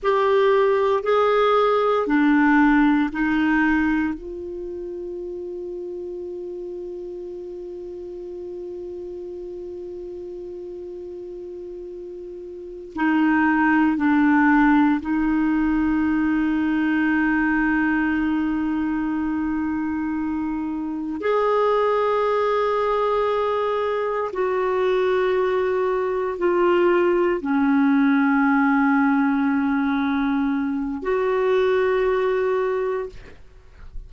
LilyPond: \new Staff \with { instrumentName = "clarinet" } { \time 4/4 \tempo 4 = 58 g'4 gis'4 d'4 dis'4 | f'1~ | f'1~ | f'8 dis'4 d'4 dis'4.~ |
dis'1~ | dis'8 gis'2. fis'8~ | fis'4. f'4 cis'4.~ | cis'2 fis'2 | }